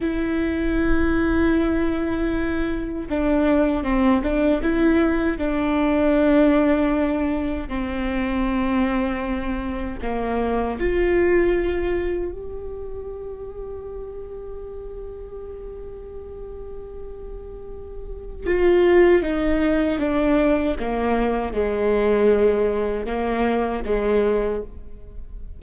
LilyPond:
\new Staff \with { instrumentName = "viola" } { \time 4/4 \tempo 4 = 78 e'1 | d'4 c'8 d'8 e'4 d'4~ | d'2 c'2~ | c'4 ais4 f'2 |
g'1~ | g'1 | f'4 dis'4 d'4 ais4 | gis2 ais4 gis4 | }